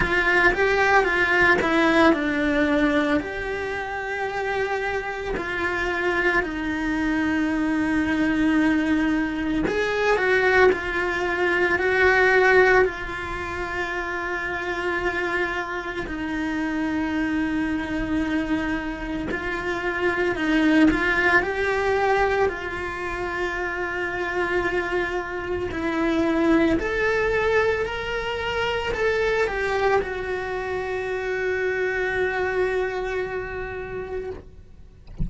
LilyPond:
\new Staff \with { instrumentName = "cello" } { \time 4/4 \tempo 4 = 56 f'8 g'8 f'8 e'8 d'4 g'4~ | g'4 f'4 dis'2~ | dis'4 gis'8 fis'8 f'4 fis'4 | f'2. dis'4~ |
dis'2 f'4 dis'8 f'8 | g'4 f'2. | e'4 a'4 ais'4 a'8 g'8 | fis'1 | }